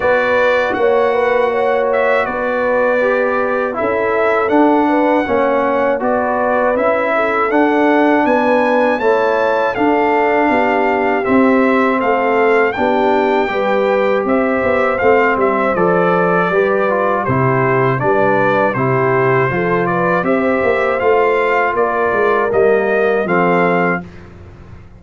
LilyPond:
<<
  \new Staff \with { instrumentName = "trumpet" } { \time 4/4 \tempo 4 = 80 d''4 fis''4. e''8 d''4~ | d''4 e''4 fis''2 | d''4 e''4 fis''4 gis''4 | a''4 f''2 e''4 |
f''4 g''2 e''4 | f''8 e''8 d''2 c''4 | d''4 c''4. d''8 e''4 | f''4 d''4 dis''4 f''4 | }
  \new Staff \with { instrumentName = "horn" } { \time 4/4 b'4 cis''8 b'8 cis''4 b'4~ | b'4 a'4. b'8 cis''4 | b'4. a'4. b'4 | cis''4 a'4 g'2 |
a'4 g'4 b'4 c''4~ | c''2 b'4 g'4 | b'4 g'4 a'8 b'8 c''4~ | c''4 ais'2 a'4 | }
  \new Staff \with { instrumentName = "trombone" } { \time 4/4 fis'1 | g'4 e'4 d'4 cis'4 | fis'4 e'4 d'2 | e'4 d'2 c'4~ |
c'4 d'4 g'2 | c'4 a'4 g'8 f'8 e'4 | d'4 e'4 f'4 g'4 | f'2 ais4 c'4 | }
  \new Staff \with { instrumentName = "tuba" } { \time 4/4 b4 ais2 b4~ | b4 cis'4 d'4 ais4 | b4 cis'4 d'4 b4 | a4 d'4 b4 c'4 |
a4 b4 g4 c'8 b8 | a8 g8 f4 g4 c4 | g4 c4 f4 c'8 ais8 | a4 ais8 gis8 g4 f4 | }
>>